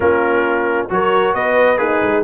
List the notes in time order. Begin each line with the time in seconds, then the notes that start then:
0.00 A#3 C#4 F4 A#4
0.89 F#3 F#4 A#4 C#5
1.34 B3 B4 D#5
1.77 A#3 D#4 G#4 B4
2.02 G#3